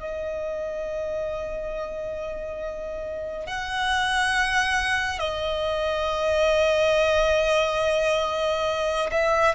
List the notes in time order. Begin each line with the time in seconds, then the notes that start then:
0.00 D#5
3.47 F#5
5.19 D#5
9.11 E5